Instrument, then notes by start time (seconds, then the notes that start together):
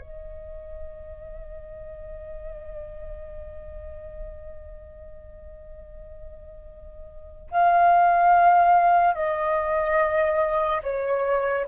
flute
0.00 D#5
7.52 F5
9.15 D#5
10.83 C#5